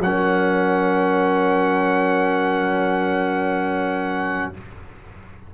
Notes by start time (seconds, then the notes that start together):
0.00 F#3 C#4 A#4 F#5